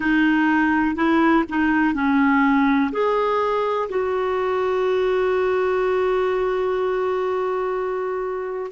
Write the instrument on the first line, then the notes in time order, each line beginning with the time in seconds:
clarinet
0.00 D#4
0.95 E4
1.49 D#4
1.94 C#4
2.92 G#4
3.89 F#4